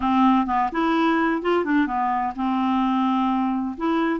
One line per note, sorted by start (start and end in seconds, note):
0.00 0.46 C4
0.46 0.70 B3
0.72 1.41 E4
1.41 1.64 F4
1.64 1.86 D4
1.86 2.33 B3
2.35 3.76 C4
3.77 4.20 E4